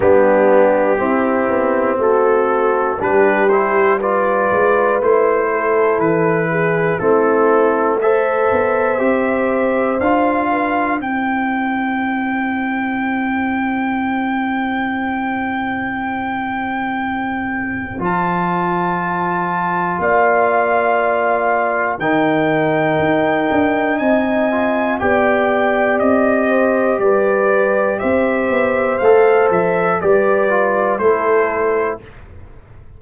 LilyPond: <<
  \new Staff \with { instrumentName = "trumpet" } { \time 4/4 \tempo 4 = 60 g'2 a'4 b'8 c''8 | d''4 c''4 b'4 a'4 | e''2 f''4 g''4~ | g''1~ |
g''2 a''2 | f''2 g''2 | gis''4 g''4 dis''4 d''4 | e''4 f''8 e''8 d''4 c''4 | }
  \new Staff \with { instrumentName = "horn" } { \time 4/4 d'4 e'4 fis'4 g'4 | b'4. a'4 gis'8 e'4 | c''2~ c''8 b'8 c''4~ | c''1~ |
c''1 | d''2 ais'2 | dis''4 d''4. c''8 b'4 | c''2 b'4 a'4 | }
  \new Staff \with { instrumentName = "trombone" } { \time 4/4 b4 c'2 d'8 e'8 | f'4 e'2 c'4 | a'4 g'4 f'4 e'4~ | e'1~ |
e'2 f'2~ | f'2 dis'2~ | dis'8 f'8 g'2.~ | g'4 a'4 g'8 f'8 e'4 | }
  \new Staff \with { instrumentName = "tuba" } { \time 4/4 g4 c'8 b8 a4 g4~ | g8 gis8 a4 e4 a4~ | a8 b8 c'4 d'4 c'4~ | c'1~ |
c'2 f2 | ais2 dis4 dis'8 d'8 | c'4 b4 c'4 g4 | c'8 b8 a8 f8 g4 a4 | }
>>